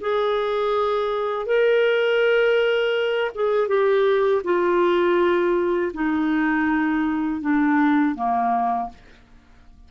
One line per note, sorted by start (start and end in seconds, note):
0.00 1.46 G#4
1.46 3.31 A#4
3.35 3.68 G#4
3.68 4.42 G4
4.44 5.92 F4
5.94 7.41 D#4
7.41 8.15 D4
8.15 8.89 A#3